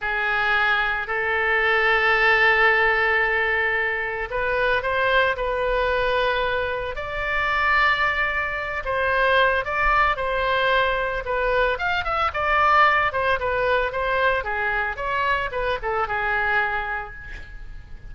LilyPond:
\new Staff \with { instrumentName = "oboe" } { \time 4/4 \tempo 4 = 112 gis'2 a'2~ | a'1 | b'4 c''4 b'2~ | b'4 d''2.~ |
d''8 c''4. d''4 c''4~ | c''4 b'4 f''8 e''8 d''4~ | d''8 c''8 b'4 c''4 gis'4 | cis''4 b'8 a'8 gis'2 | }